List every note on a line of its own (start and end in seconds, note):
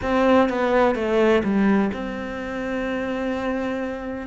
0.02 0.49 C4
0.49 0.95 B3
0.95 1.42 A3
1.43 1.91 G3
1.93 4.27 C4